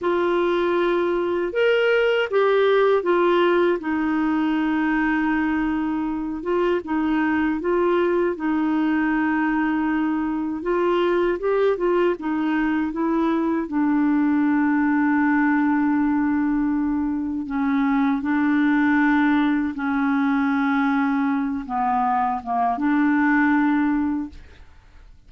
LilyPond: \new Staff \with { instrumentName = "clarinet" } { \time 4/4 \tempo 4 = 79 f'2 ais'4 g'4 | f'4 dis'2.~ | dis'8 f'8 dis'4 f'4 dis'4~ | dis'2 f'4 g'8 f'8 |
dis'4 e'4 d'2~ | d'2. cis'4 | d'2 cis'2~ | cis'8 b4 ais8 d'2 | }